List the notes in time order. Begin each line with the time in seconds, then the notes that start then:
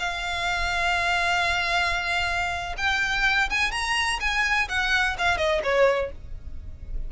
0.00 F5
2.78 G5
3.50 G#5
3.72 A#5
4.21 G#5
4.69 F#5
5.19 F5
5.38 D#5
5.64 C#5